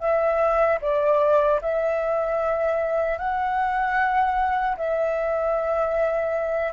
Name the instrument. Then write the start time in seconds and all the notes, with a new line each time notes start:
flute
0.00 E5
0.81 D5
1.62 E5
3.19 F#5
4.77 E5